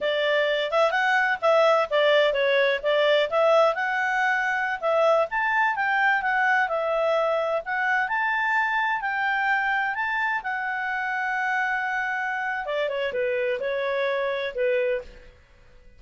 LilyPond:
\new Staff \with { instrumentName = "clarinet" } { \time 4/4 \tempo 4 = 128 d''4. e''8 fis''4 e''4 | d''4 cis''4 d''4 e''4 | fis''2~ fis''16 e''4 a''8.~ | a''16 g''4 fis''4 e''4.~ e''16~ |
e''16 fis''4 a''2 g''8.~ | g''4~ g''16 a''4 fis''4.~ fis''16~ | fis''2. d''8 cis''8 | b'4 cis''2 b'4 | }